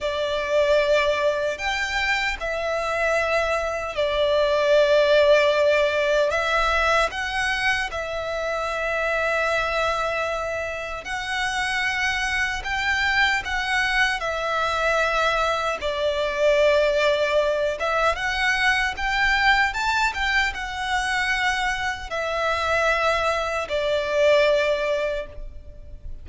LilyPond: \new Staff \with { instrumentName = "violin" } { \time 4/4 \tempo 4 = 76 d''2 g''4 e''4~ | e''4 d''2. | e''4 fis''4 e''2~ | e''2 fis''2 |
g''4 fis''4 e''2 | d''2~ d''8 e''8 fis''4 | g''4 a''8 g''8 fis''2 | e''2 d''2 | }